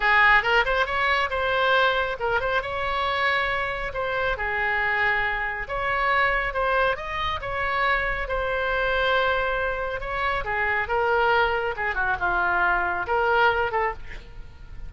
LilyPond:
\new Staff \with { instrumentName = "oboe" } { \time 4/4 \tempo 4 = 138 gis'4 ais'8 c''8 cis''4 c''4~ | c''4 ais'8 c''8 cis''2~ | cis''4 c''4 gis'2~ | gis'4 cis''2 c''4 |
dis''4 cis''2 c''4~ | c''2. cis''4 | gis'4 ais'2 gis'8 fis'8 | f'2 ais'4. a'8 | }